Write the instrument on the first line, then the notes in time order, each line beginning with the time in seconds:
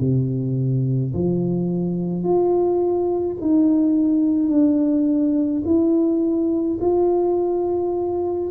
tuba
0.00 C3
1.14 F3
2.24 F4
3.41 D#4
4.50 D4
5.66 E4
6.81 F4